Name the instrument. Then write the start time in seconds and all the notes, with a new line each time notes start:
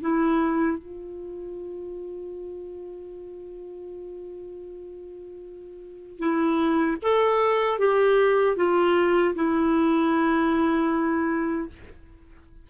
clarinet
0.00 E4
0.78 F4
6.18 E4
7.02 A4
7.79 G4
8.56 F4
9.34 E4